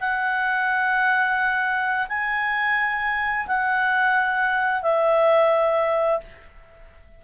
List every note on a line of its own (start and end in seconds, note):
0.00 2.07 F#5
2.09 3.47 G#5
3.47 4.82 F#5
4.82 6.20 E5